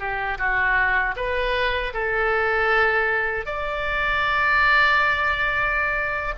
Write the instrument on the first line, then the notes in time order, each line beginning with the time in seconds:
oboe
0.00 G4
0.38 F#4
1.16 B4
1.94 A4
3.46 D5